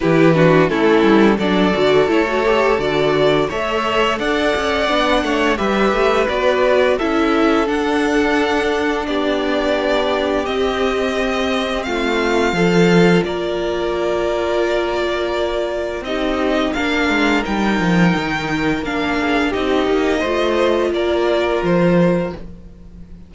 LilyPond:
<<
  \new Staff \with { instrumentName = "violin" } { \time 4/4 \tempo 4 = 86 b'4 a'4 d''4 cis''4 | d''4 e''4 fis''2 | e''4 d''4 e''4 fis''4~ | fis''4 d''2 dis''4~ |
dis''4 f''2 d''4~ | d''2. dis''4 | f''4 g''2 f''4 | dis''2 d''4 c''4 | }
  \new Staff \with { instrumentName = "violin" } { \time 4/4 g'8 fis'8 e'4 a'2~ | a'4 cis''4 d''4. cis''8 | b'2 a'2~ | a'4 g'2.~ |
g'4 f'4 a'4 ais'4~ | ais'2. g'4 | ais'2.~ ais'8 gis'8 | g'4 c''4 ais'2 | }
  \new Staff \with { instrumentName = "viola" } { \time 4/4 e'8 d'8 cis'4 d'8 fis'8 e'16 fis'16 g'8 | fis'4 a'2 d'4 | g'4 fis'4 e'4 d'4~ | d'2. c'4~ |
c'2 f'2~ | f'2. dis'4 | d'4 dis'2 d'4 | dis'4 f'2. | }
  \new Staff \with { instrumentName = "cello" } { \time 4/4 e4 a8 g8 fis8 d8 a4 | d4 a4 d'8 cis'8 b8 a8 | g8 a8 b4 cis'4 d'4~ | d'4 b2 c'4~ |
c'4 a4 f4 ais4~ | ais2. c'4 | ais8 gis8 g8 f8 dis4 ais4 | c'8 ais8 a4 ais4 f4 | }
>>